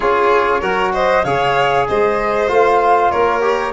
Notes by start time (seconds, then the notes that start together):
0.00 C#4 F4 G#4 C#5
0.60 F#3 F#4 A#4
0.93 C5 D#5
1.24 C#3 G#4 C#5 F5
1.88 G#3 C5 D#5
2.47 A3 F4 F5
3.10 A#3 A#4 C#5
3.41 G4